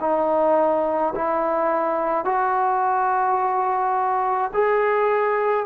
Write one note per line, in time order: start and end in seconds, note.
0.00 1.13 D#4
1.15 2.24 E4
2.24 4.51 F#4
4.53 5.66 G#4